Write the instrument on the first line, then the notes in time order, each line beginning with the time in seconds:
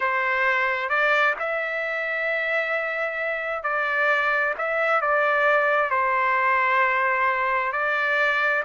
trumpet
0.00 C5
0.89 D5
1.39 E5
3.63 D5
4.58 E5
5.01 D5
5.90 C5
7.72 D5